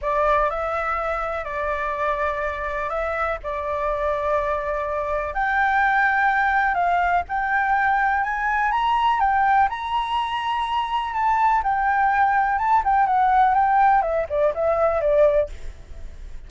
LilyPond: \new Staff \with { instrumentName = "flute" } { \time 4/4 \tempo 4 = 124 d''4 e''2 d''4~ | d''2 e''4 d''4~ | d''2. g''4~ | g''2 f''4 g''4~ |
g''4 gis''4 ais''4 g''4 | ais''2. a''4 | g''2 a''8 g''8 fis''4 | g''4 e''8 d''8 e''4 d''4 | }